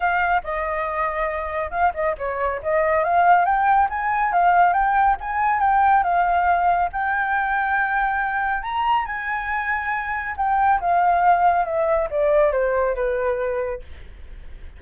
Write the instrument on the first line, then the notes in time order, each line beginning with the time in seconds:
flute
0.00 F5
0.43 D#5
1.71 F5
1.93 D#5
2.17 C#5
2.62 D#5
3.04 F5
3.45 G5
3.89 G#5
4.32 F5
4.73 G5
5.20 G#5
5.60 G5
6.03 F5
6.92 G5
8.63 A#5
9.05 G#5
10.36 G5
10.80 F5
11.65 E5
12.10 D5
12.52 C5
12.95 B4